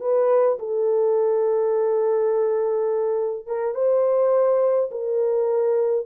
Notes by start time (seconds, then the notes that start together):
0.00 B4
0.59 A4
3.46 A#4
3.74 C5
4.91 A#4